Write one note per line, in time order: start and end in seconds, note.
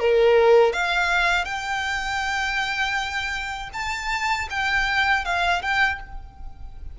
0.00 0.73 A#4
0.73 1.45 F5
1.45 3.70 G5
3.74 4.49 A5
4.50 5.25 G5
5.25 5.62 F5
5.62 6.00 G5